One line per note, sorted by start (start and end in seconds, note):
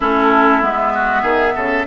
0.00 0.62 A3
0.00 0.61 C#4
0.00 0.93 E4
0.00 0.63 A4
0.61 1.23 G#3
0.61 1.86 B3
0.61 1.86 E5
0.94 1.22 F#4
1.22 1.54 D#3
1.22 1.53 G#4
1.55 1.86 C#3
1.55 1.86 A4